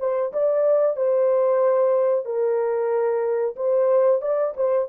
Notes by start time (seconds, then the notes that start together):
0.00 C5
0.33 D5
0.97 C5
2.25 A#4
3.56 C5
4.22 D5
4.57 C5